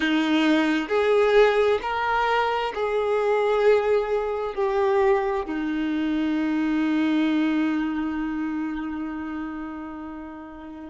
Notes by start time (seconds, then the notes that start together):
0.00 D#4
0.88 G#4
1.82 A#4
2.74 G#4
4.55 G4
5.45 D#4